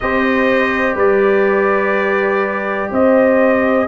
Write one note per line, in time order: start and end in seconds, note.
0.00 0.95 C4
0.00 3.87 G4
0.00 0.95 C5
0.00 0.95 D#5
0.95 2.88 G3
0.95 2.89 B4
0.95 2.92 D5
2.90 3.87 C4
2.90 3.86 C5
2.90 3.87 D#5